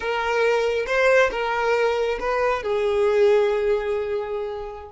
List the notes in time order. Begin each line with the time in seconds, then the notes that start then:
0.00 A#4
0.86 C5
1.31 A#4
2.19 B4
2.62 G#4